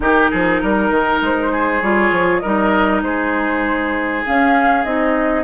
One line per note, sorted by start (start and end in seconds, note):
0.00 0.28 D#3
0.00 1.81 D#4
0.00 0.30 G4
0.00 1.22 A#4
0.30 0.62 F3
0.30 0.61 G#4
0.62 0.90 G3
0.62 1.51 A#4
0.90 1.20 D#3
1.20 1.81 G#3
1.20 1.82 C5
1.51 2.41 G#4
1.81 2.11 G3
1.81 2.43 F4
1.81 2.39 C#5
2.11 2.41 F3
2.39 3.02 G3
2.39 4.25 D#4
2.39 3.02 A#4
2.39 3.00 D#5
3.02 4.23 G#3
3.02 5.44 G#4
3.02 4.24 C5
4.25 4.84 C#4
4.25 4.85 C#4
4.25 4.84 F5
4.84 5.44 C4
4.84 5.44 D#4
4.84 5.44 D#5